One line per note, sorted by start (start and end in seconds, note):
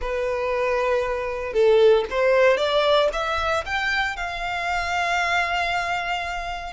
0.01 1.53 B4
1.53 2.05 A4
2.10 2.57 C5
2.57 3.09 D5
3.12 3.64 E5
3.65 4.16 G5
4.16 6.72 F5